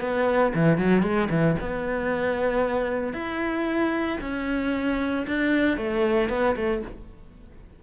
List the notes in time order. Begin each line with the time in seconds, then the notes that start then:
0.00 B3
0.54 E3
0.77 F#3
1.02 G#3
1.30 E3
1.60 B3
3.13 E4
4.20 C#4
5.27 D4
5.77 A3
6.29 B3
6.56 A3